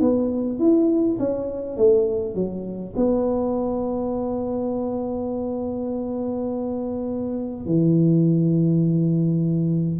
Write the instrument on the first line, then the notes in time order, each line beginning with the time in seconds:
tuba
0.00 B3
0.59 E4
1.19 C#4
1.76 A3
2.35 F#3
2.96 B3
7.65 E3